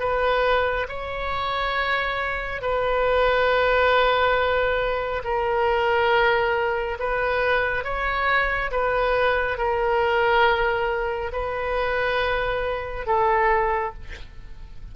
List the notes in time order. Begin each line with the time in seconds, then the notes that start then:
0.00 B4
0.89 C#5
2.62 B4
5.24 A#4
7.00 B4
7.84 C#5
8.72 B4
9.58 A#4
11.33 B4
13.07 A4